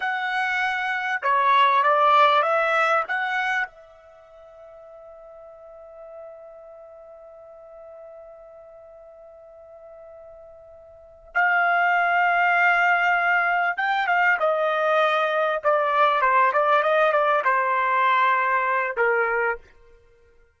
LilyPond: \new Staff \with { instrumentName = "trumpet" } { \time 4/4 \tempo 4 = 98 fis''2 cis''4 d''4 | e''4 fis''4 e''2~ | e''1~ | e''1~ |
e''2~ e''8 f''4.~ | f''2~ f''8 g''8 f''8 dis''8~ | dis''4. d''4 c''8 d''8 dis''8 | d''8 c''2~ c''8 ais'4 | }